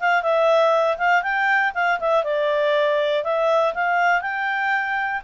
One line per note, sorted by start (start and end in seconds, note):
0.00 0.23 F5
0.23 0.98 E5
0.98 1.23 F5
1.23 1.73 G5
1.75 2.00 F5
2.00 2.24 E5
2.24 3.24 D5
3.24 3.74 E5
3.75 4.22 F5
4.22 5.22 G5